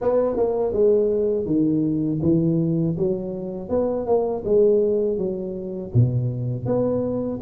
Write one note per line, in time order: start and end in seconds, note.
0.01 0.36 B3
0.36 0.72 A#3
0.72 1.45 G#3
1.45 2.20 D#3
2.22 2.96 E3
2.98 3.69 F#3
3.69 4.06 B3
4.06 4.43 A#3
4.44 5.17 G#3
5.17 5.91 F#3
5.94 6.65 B2
6.65 7.39 B3